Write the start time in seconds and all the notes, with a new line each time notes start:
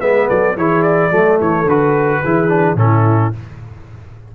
0.00 G#3 B3 B4 E5
0.28 F#3 A4 D5
0.56 E3 E4 G#4 C#5
0.82 D5
1.10 F#3 A3 A4
1.40 E3 C#5
1.64 D3 F#4 B4
2.22 E3 E4 G#4
2.48 D4
2.75 A2 C#4 E4 A4